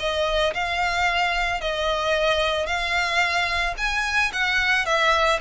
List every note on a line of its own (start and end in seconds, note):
0.00 0.54 D#5
0.55 1.61 F5
1.61 2.67 D#5
2.67 3.75 F5
3.78 4.32 G#5
4.33 4.86 F#5
4.86 5.40 E5